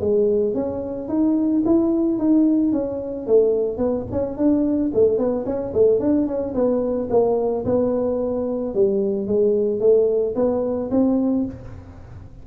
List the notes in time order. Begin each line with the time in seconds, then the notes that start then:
0.00 G#3
0.54 C#4
1.08 D#4
1.65 E4
2.18 D#4
2.72 C#4
3.27 A3
3.77 B3
4.11 C#4
4.37 D4
4.93 A3
5.18 B3
5.45 C#4
5.73 A3
5.99 D4
6.26 C#4
6.54 B3
7.10 A#3
7.65 B3
8.74 G3
9.27 G#3
9.80 A3
10.35 B3
10.90 C4